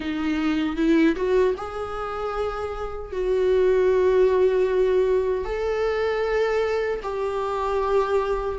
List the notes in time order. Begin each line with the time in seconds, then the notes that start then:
0.00 D#4
0.76 E4
1.15 F#4
1.57 G#4
3.12 F#4
5.44 A4
7.02 G4